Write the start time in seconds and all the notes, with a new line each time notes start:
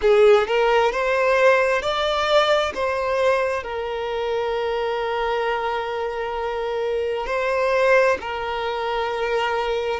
0.01 G#4
0.47 A#4
0.91 C5
1.82 D5
2.74 C5
3.63 A#4
7.26 C5
8.20 A#4